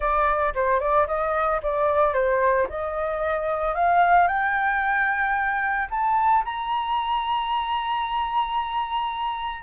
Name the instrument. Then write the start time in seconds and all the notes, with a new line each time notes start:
flute
0.00 D5
0.54 C5
0.80 D5
1.07 D#5
1.62 D5
2.13 C5
2.69 D#5
3.74 F5
4.27 G5
5.90 A5
6.44 A#5